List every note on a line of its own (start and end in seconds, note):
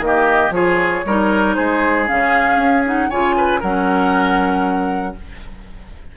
0.00 0.50 D#3
0.00 0.53 A#3
0.00 0.52 D#5
0.07 0.54 G4
0.50 1.02 F3
0.50 1.05 F4
0.50 1.06 G#4
0.50 1.55 C#5
1.06 1.57 G3
1.06 2.07 D#4
1.06 1.56 A#4
1.55 2.10 G#3
1.55 3.10 G#4
1.55 2.06 C5
2.07 2.57 C#3
2.07 2.84 C#4
2.07 2.84 F5
2.57 3.08 C#4
2.85 3.10 D#4
2.85 3.10 F#5
3.10 3.63 C#3
3.10 3.62 F4
3.10 3.35 C#5
3.10 3.62 G#5
3.37 3.60 B4
3.60 5.17 F#3
3.60 5.16 C#4
3.60 5.14 A#4
3.60 5.16 F#5